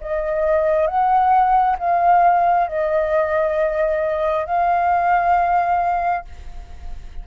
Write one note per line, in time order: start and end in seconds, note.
0.00 0.87 D#5
0.87 1.77 F#5
1.78 2.67 F5
2.67 4.46 D#5
4.46 6.25 F5